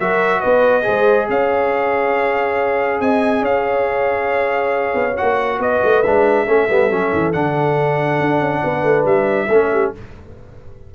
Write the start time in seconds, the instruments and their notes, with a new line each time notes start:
0.00 tuba F#3, trombone F#4, horn A#4, trumpet E5
0.41 tuba B3, horn B4, trumpet D#5
0.83 tuba G#3, trombone G#4, horn C5
1.29 tuba C#4, horn C#5, trumpet F5
3.01 tuba C4, horn D#5, trumpet G#5
3.42 tuba C#4, horn C#5, trumpet F5
4.95 tuba B3
5.18 tuba A#3, trombone F#4, trumpet F#5
5.59 tuba B3, horn B4, trumpet D#5
5.84 tuba A3
6.03 tuba G#3, trombone D4, trumpet E5
6.47 tuba A3, trombone C#4, horn A4
6.70 tuba G3, trombone B3
6.90 tuba F#3, trombone C#4
7.13 tuba E3
7.33 tuba D3, trombone D4, trumpet F#5
8.21 tuba D4
8.41 tuba C#4
8.64 tuba B3, horn B4
8.84 tuba A3
9.05 tuba G3, trumpet E5
9.48 tuba A3, trombone C#4, horn A4
9.73 horn G4